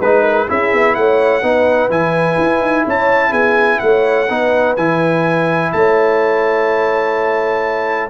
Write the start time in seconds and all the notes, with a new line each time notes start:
0.00 G#3 D#4 B4
0.23 A#4
0.48 C#4 E4 G#4 E5
0.73 B3
0.95 A3 C#5 F#5
1.42 B3 D#4 B4
1.89 E3 E4 G#5
2.38 E4
2.61 D#4
2.86 C#4 C#5 A5
3.30 B3 G#4 G#5
3.80 A3 C#5 F#5
4.29 B3 D#4 B4
4.77 E3 E4 G#5
5.73 A3 C#5 A5